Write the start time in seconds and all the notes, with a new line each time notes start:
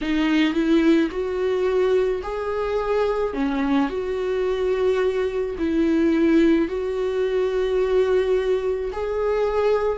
0.01 D#4
0.53 E4
1.11 F#4
2.22 G#4
3.33 C#4
3.89 F#4
5.58 E4
6.68 F#4
8.92 G#4